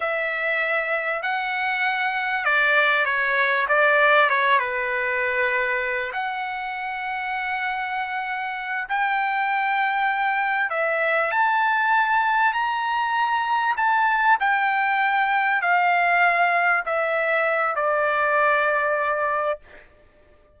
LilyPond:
\new Staff \with { instrumentName = "trumpet" } { \time 4/4 \tempo 4 = 98 e''2 fis''2 | d''4 cis''4 d''4 cis''8 b'8~ | b'2 fis''2~ | fis''2~ fis''8 g''4.~ |
g''4. e''4 a''4.~ | a''8 ais''2 a''4 g''8~ | g''4. f''2 e''8~ | e''4 d''2. | }